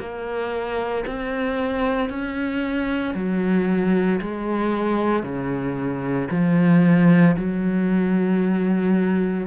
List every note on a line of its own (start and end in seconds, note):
0.00 1.05 A#3
1.07 2.10 C4
2.10 3.15 C#4
3.15 4.21 F#3
4.22 5.23 G#3
5.23 6.29 C#3
6.31 7.36 F3
7.37 9.47 F#3